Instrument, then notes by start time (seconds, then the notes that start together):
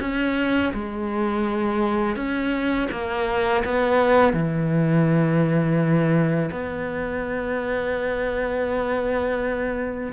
cello
0.00 C#4
0.73 G#3
2.16 C#4
2.91 A#3
3.64 B3
4.33 E3
6.51 B3